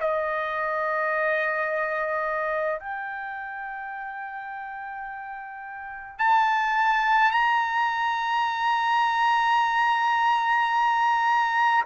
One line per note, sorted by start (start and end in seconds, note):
0.00 2.79 D#5
2.79 6.18 G5
6.18 7.31 A5
7.31 11.84 A#5